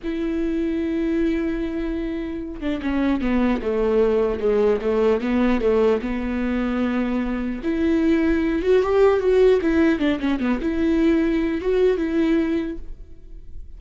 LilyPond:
\new Staff \with { instrumentName = "viola" } { \time 4/4 \tempo 4 = 150 e'1~ | e'2~ e'8 d'8 cis'4 | b4 a2 gis4 | a4 b4 a4 b4~ |
b2. e'4~ | e'4. fis'8 g'4 fis'4 | e'4 d'8 cis'8 b8 e'4.~ | e'4 fis'4 e'2 | }